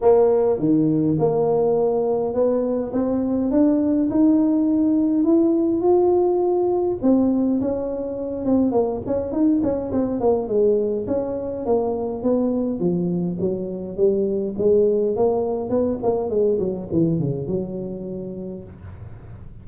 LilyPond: \new Staff \with { instrumentName = "tuba" } { \time 4/4 \tempo 4 = 103 ais4 dis4 ais2 | b4 c'4 d'4 dis'4~ | dis'4 e'4 f'2 | c'4 cis'4. c'8 ais8 cis'8 |
dis'8 cis'8 c'8 ais8 gis4 cis'4 | ais4 b4 f4 fis4 | g4 gis4 ais4 b8 ais8 | gis8 fis8 e8 cis8 fis2 | }